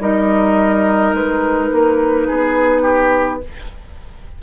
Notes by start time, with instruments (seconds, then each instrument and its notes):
0.00 bassoon G3, clarinet D#4, oboe A#4, flute D#5
1.14 bassoon G#3, flute B4
1.72 bassoon A#3
2.27 bassoon B3, oboe G#4
2.82 oboe G4